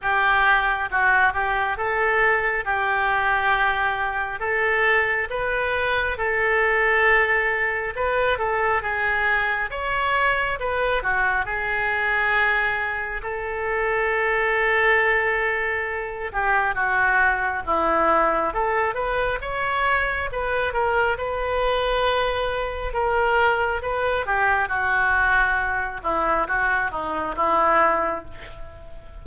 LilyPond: \new Staff \with { instrumentName = "oboe" } { \time 4/4 \tempo 4 = 68 g'4 fis'8 g'8 a'4 g'4~ | g'4 a'4 b'4 a'4~ | a'4 b'8 a'8 gis'4 cis''4 | b'8 fis'8 gis'2 a'4~ |
a'2~ a'8 g'8 fis'4 | e'4 a'8 b'8 cis''4 b'8 ais'8 | b'2 ais'4 b'8 g'8 | fis'4. e'8 fis'8 dis'8 e'4 | }